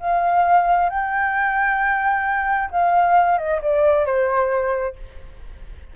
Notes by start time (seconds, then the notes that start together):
0.00 F5
0.90 G5
2.71 F5
3.38 D#5
3.62 D5
4.06 C5